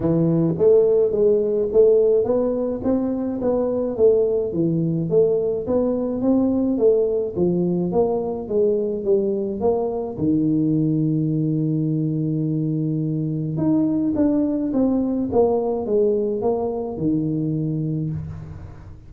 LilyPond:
\new Staff \with { instrumentName = "tuba" } { \time 4/4 \tempo 4 = 106 e4 a4 gis4 a4 | b4 c'4 b4 a4 | e4 a4 b4 c'4 | a4 f4 ais4 gis4 |
g4 ais4 dis2~ | dis1 | dis'4 d'4 c'4 ais4 | gis4 ais4 dis2 | }